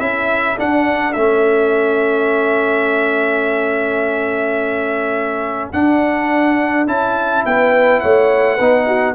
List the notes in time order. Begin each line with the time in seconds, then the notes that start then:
0.00 C#4 E4 A4 E5
0.57 D4 F#5
1.13 A3 C#4 E5
5.73 D4 F#5
6.87 C#4 E4 A5
7.45 B3 B4 G5
8.00 A3 C#5 F#5
8.55 B3 D#4 B4
8.87 F#4